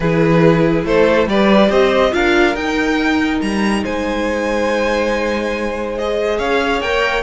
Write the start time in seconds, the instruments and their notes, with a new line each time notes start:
0.00 cello E3, viola E4, violin G#4 B4
0.85 cello A3, violin A4 C5
1.27 cello G3, viola G4, violin B4 D5
1.69 cello C4, violin C5 D#5
2.11 cello D4, viola F4, violin A#4 F5
2.55 cello D#4, viola D#4, violin G5
3.41 cello G3, violin A#5
3.83 cello G#3, violin C5 G#5
5.98 viola G#4, violin D#5
6.38 cello C#4, violin C#5 F5
6.81 cello A#3, viola A#4, violin G5